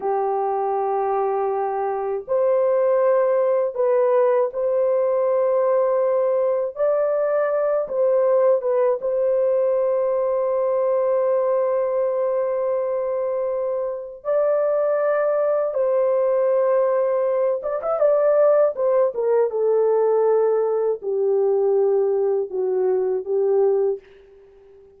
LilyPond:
\new Staff \with { instrumentName = "horn" } { \time 4/4 \tempo 4 = 80 g'2. c''4~ | c''4 b'4 c''2~ | c''4 d''4. c''4 b'8 | c''1~ |
c''2. d''4~ | d''4 c''2~ c''8 d''16 e''16 | d''4 c''8 ais'8 a'2 | g'2 fis'4 g'4 | }